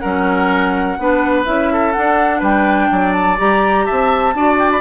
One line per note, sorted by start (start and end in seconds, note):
0.00 0.99 F#3
0.00 0.99 C#4
0.00 0.98 A#4
0.00 1.44 F#5
0.99 1.47 B3
0.99 1.45 D4
0.99 1.73 B4
1.45 1.96 C#4
1.45 1.93 E4
1.45 1.93 E5
1.73 2.40 A4
1.93 3.38 D4
1.93 2.42 D4
1.93 2.41 F#5
2.40 2.90 G3
2.40 2.88 B4
2.40 3.13 G5
2.91 3.39 F#3
2.91 3.86 D5
3.13 3.37 A5
3.38 3.89 G3
3.38 4.34 G4
3.38 3.87 A#5
3.86 4.35 C4
3.86 4.34 E5
3.86 4.58 A5
4.35 4.82 D4
4.35 4.82 F#4
4.35 4.82 D5
4.59 4.71 G5
4.72 4.82 B5